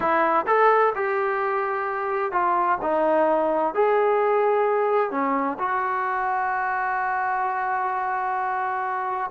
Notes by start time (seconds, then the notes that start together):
0.00 E4
0.47 A4
0.95 G4
2.32 F4
2.82 D#4
3.74 G#4
5.11 C#4
5.58 F#4